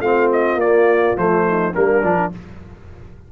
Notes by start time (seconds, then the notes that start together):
0.00 A3 C4 F4 F5
0.32 D#5
0.55 A#3 D5
1.16 F3 A3 C5
1.48 D#4
1.72 G3 A#3 D4 A#4
2.03 F3 D4